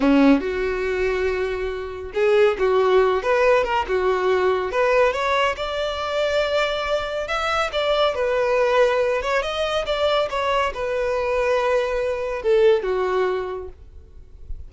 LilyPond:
\new Staff \with { instrumentName = "violin" } { \time 4/4 \tempo 4 = 140 cis'4 fis'2.~ | fis'4 gis'4 fis'4. b'8~ | b'8 ais'8 fis'2 b'4 | cis''4 d''2.~ |
d''4 e''4 d''4 b'4~ | b'4. cis''8 dis''4 d''4 | cis''4 b'2.~ | b'4 a'4 fis'2 | }